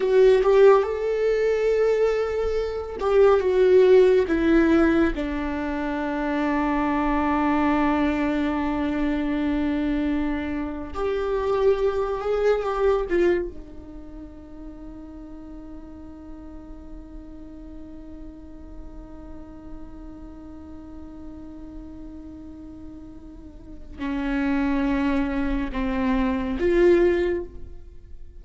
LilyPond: \new Staff \with { instrumentName = "viola" } { \time 4/4 \tempo 4 = 70 fis'8 g'8 a'2~ a'8 g'8 | fis'4 e'4 d'2~ | d'1~ | d'8. g'4. gis'8 g'8 f'8 dis'16~ |
dis'1~ | dis'1~ | dis'1 | cis'2 c'4 f'4 | }